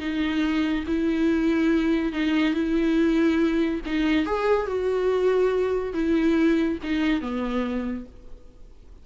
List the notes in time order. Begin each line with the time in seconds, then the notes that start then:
0.00 D#4
0.87 E4
2.13 D#4
2.54 E4
3.86 D#4
4.26 G#4
4.67 F#4
5.94 E4
6.83 D#4
7.21 B3